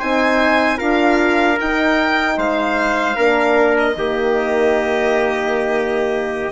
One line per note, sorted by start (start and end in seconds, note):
0.00 0.81 C4
0.00 0.77 D#4
0.00 0.78 C5
0.00 0.80 G#5
0.77 1.60 D4
0.77 1.56 F4
0.77 2.36 A#4
0.77 1.59 F5
1.60 3.17 D#4
1.60 2.38 D#4
1.60 2.39 G5
2.37 3.17 G#3
2.37 3.16 C5
2.37 3.77 F5
3.16 3.96 A#3
3.16 3.96 D4
3.16 3.95 A#4
3.79 6.52 D#5
3.96 6.52 D#3
3.96 6.52 A#3
3.96 6.52 G4